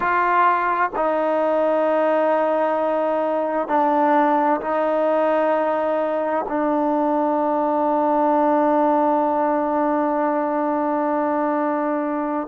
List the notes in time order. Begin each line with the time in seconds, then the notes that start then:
0.00 F4
0.95 D#4
3.68 D4
4.61 D#4
6.48 D4